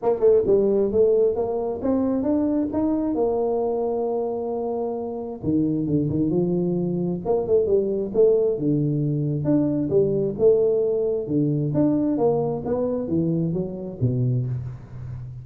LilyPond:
\new Staff \with { instrumentName = "tuba" } { \time 4/4 \tempo 4 = 133 ais8 a8 g4 a4 ais4 | c'4 d'4 dis'4 ais4~ | ais1 | dis4 d8 dis8 f2 |
ais8 a8 g4 a4 d4~ | d4 d'4 g4 a4~ | a4 d4 d'4 ais4 | b4 e4 fis4 b,4 | }